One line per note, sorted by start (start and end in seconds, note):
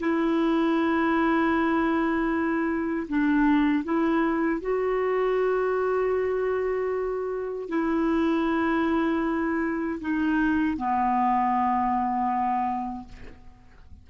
0.00 3.08 E4
3.09 3.85 D4
3.85 4.62 E4
4.62 7.69 F#4
7.70 10.00 E4
10.01 10.78 D#4
10.78 13.08 B3